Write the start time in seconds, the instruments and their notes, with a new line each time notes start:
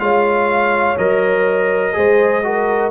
0.00 tuba G#3, trombone F4, horn C#5, trumpet F5
0.98 tuba F#3, trombone A#4, trumpet D#5
1.94 tuba G#3, trombone G#4, horn C5
2.44 trombone F#4, horn A#4